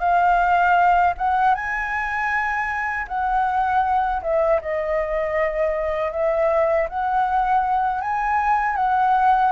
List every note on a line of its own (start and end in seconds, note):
0.00 1.14 F5
1.18 1.55 F#5
1.55 3.07 G#5
3.08 4.22 F#5
4.23 4.61 E5
4.62 6.12 D#5
6.12 6.88 E5
6.89 8.02 F#5
8.02 8.76 G#5
8.76 9.52 F#5